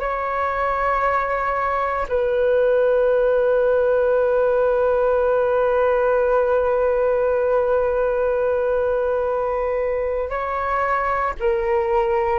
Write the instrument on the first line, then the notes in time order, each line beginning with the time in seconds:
flute
0.00 C#5
2.09 B4
10.30 C#5
11.40 A#4